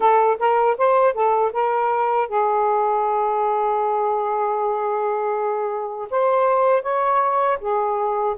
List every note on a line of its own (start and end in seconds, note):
0.00 0.38 A4
0.39 0.77 A#4
0.77 1.14 C5
1.14 1.52 A4
1.53 2.28 A#4
2.28 6.08 G#4
6.10 6.82 C5
6.82 7.58 C#5
7.60 8.36 G#4